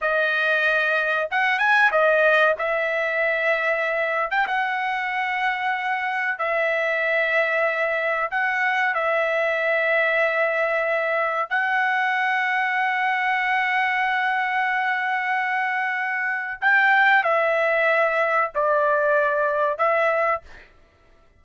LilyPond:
\new Staff \with { instrumentName = "trumpet" } { \time 4/4 \tempo 4 = 94 dis''2 fis''8 gis''8 dis''4 | e''2~ e''8. g''16 fis''4~ | fis''2 e''2~ | e''4 fis''4 e''2~ |
e''2 fis''2~ | fis''1~ | fis''2 g''4 e''4~ | e''4 d''2 e''4 | }